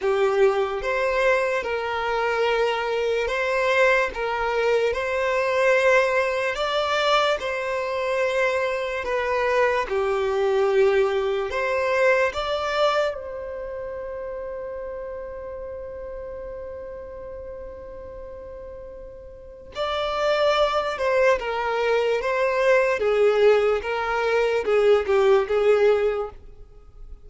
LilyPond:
\new Staff \with { instrumentName = "violin" } { \time 4/4 \tempo 4 = 73 g'4 c''4 ais'2 | c''4 ais'4 c''2 | d''4 c''2 b'4 | g'2 c''4 d''4 |
c''1~ | c''1 | d''4. c''8 ais'4 c''4 | gis'4 ais'4 gis'8 g'8 gis'4 | }